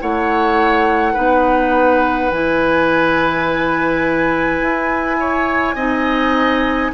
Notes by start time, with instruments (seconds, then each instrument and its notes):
0.00 bassoon A3, clarinet E4, oboe C#5, flute F#5
1.12 bassoon B3, clarinet D#4, oboe B4
2.31 bassoon E3, clarinet E4, flute G#5
4.61 bassoon E4
5.19 oboe C#5
5.75 bassoon C4, clarinet D#4, oboe D#5